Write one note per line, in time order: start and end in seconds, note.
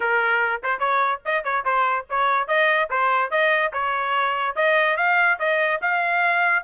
0.00 0.61 A#4
0.63 0.79 C5
0.79 1.20 C#5
1.25 1.44 D#5
1.44 1.64 C#5
1.64 2.06 C5
2.09 2.47 C#5
2.47 2.89 D#5
2.90 3.30 C5
3.30 3.72 D#5
3.73 4.55 C#5
4.55 4.97 D#5
4.97 5.38 F5
5.39 5.80 D#5
5.81 6.63 F5